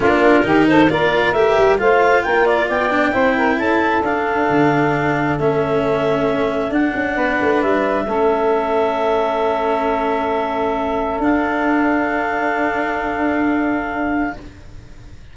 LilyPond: <<
  \new Staff \with { instrumentName = "clarinet" } { \time 4/4 \tempo 4 = 134 ais'4. c''8 d''4 e''4 | f''4 g''8 d''8 g''2 | a''4 f''2. | e''2. fis''4~ |
fis''4 e''2.~ | e''1~ | e''4 f''2.~ | f''1 | }
  \new Staff \with { instrumentName = "saxophone" } { \time 4/4 f'4 g'8 a'8 ais'2 | c''4 ais'4 d''4 c''8 ais'8 | a'1~ | a'1 |
b'2 a'2~ | a'1~ | a'1~ | a'1 | }
  \new Staff \with { instrumentName = "cello" } { \time 4/4 d'4 dis'4 f'4 g'4 | f'2~ f'8 d'8 e'4~ | e'4 d'2. | cis'2. d'4~ |
d'2 cis'2~ | cis'1~ | cis'4 d'2.~ | d'1 | }
  \new Staff \with { instrumentName = "tuba" } { \time 4/4 ais4 dis4 ais4 a8 g8 | a4 ais4 b4 c'4 | cis'4 d'4 d2 | a2. d'8 cis'8 |
b8 a8 g4 a2~ | a1~ | a4 d'2.~ | d'1 | }
>>